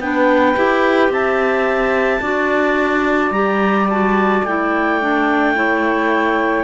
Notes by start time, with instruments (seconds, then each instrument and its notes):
0.00 cello B3, clarinet D4 G5, saxophone B4
0.57 cello E4, clarinet G4
1.09 cello C4, saxophone E5, clarinet A5
2.21 cello D4, clarinet F#4, saxophone D5
3.31 cello G3, clarinet G4 A#5
3.90 clarinet F#4 A5
4.44 cello A3, clarinet E4 G5
5.02 clarinet D4
5.55 clarinet E4, saxophone C#5